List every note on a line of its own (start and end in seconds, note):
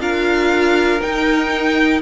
0.00 1.00 D4
0.00 1.00 F4
0.00 2.01 A#4
0.00 1.01 F5
1.01 2.01 D#4
1.01 2.01 G5